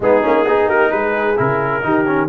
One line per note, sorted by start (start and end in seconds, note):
0.00 0.21 G#3
0.00 0.22 B3
0.00 0.46 D#4
0.00 0.69 G#4
0.22 0.47 A#3
0.22 0.45 C#4
0.46 0.68 B3
0.46 1.36 D#4
0.46 0.67 G#4
0.67 0.91 A#3
0.67 0.90 G4
0.67 0.91 A#4
0.91 1.38 G#3
0.91 1.84 G#4
0.91 1.36 B4
1.36 1.84 C#3
1.36 1.82 E4
1.36 2.28 A#4
1.82 2.28 D#3
1.82 2.05 D#4
1.82 2.28 G4
2.06 2.28 C#4